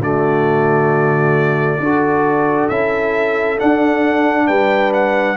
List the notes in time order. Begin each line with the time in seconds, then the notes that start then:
0.00 D3 A3 F#4 D5
1.80 D4 F#4 A4
2.69 C#4 E4 E5
3.58 D4 F#5
4.47 G3 B4 G5
4.94 F#5